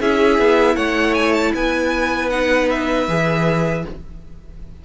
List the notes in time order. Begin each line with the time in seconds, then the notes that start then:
0.00 C#4 E4 G#4 E5
0.38 B3
0.75 A3 C#5 F#5
1.14 G#5
1.32 A5
1.53 B3 B4 G#5
2.29 D#4 F#5
2.69 E5
3.07 E3 G#4